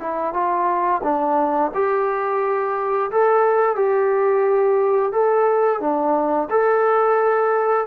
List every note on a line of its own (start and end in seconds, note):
0.00 0.33 E4
0.33 1.02 F4
1.04 1.72 D4
1.74 3.11 G4
3.11 3.76 A4
3.76 5.12 G4
5.12 5.80 A4
5.80 6.49 D4
6.51 7.87 A4